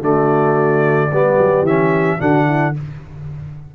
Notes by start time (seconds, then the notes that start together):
0.00 D3 A3 F#4 D5
1.11 G3 B3 G4
1.38 F#3
1.62 E3 C#4 E5
2.19 D3 D4 F#4 F#5
2.46 E4